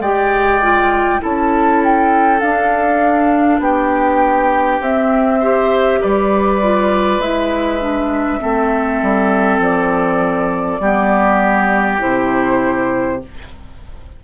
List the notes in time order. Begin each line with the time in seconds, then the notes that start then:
0.00 G#3 G4 D5 G5
0.62 F4
1.20 C#4 E4 A4 A5
1.84 G5
2.40 D4 F5
3.60 B3 G4 G5
4.80 C4 E5
5.40 G4 C5
6.00 G3 B4 D5
6.62 F4
7.18 G#3 E4 E5
7.80 D4
8.39 A3 C4 A4
9.02 G3
9.59 F3 D5
10.80 G3 B3 G4
11.99 C3 E4 C5